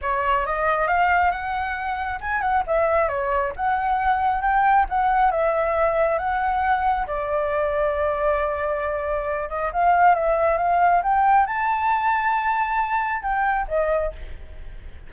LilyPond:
\new Staff \with { instrumentName = "flute" } { \time 4/4 \tempo 4 = 136 cis''4 dis''4 f''4 fis''4~ | fis''4 gis''8 fis''8 e''4 cis''4 | fis''2 g''4 fis''4 | e''2 fis''2 |
d''1~ | d''4. dis''8 f''4 e''4 | f''4 g''4 a''2~ | a''2 g''4 dis''4 | }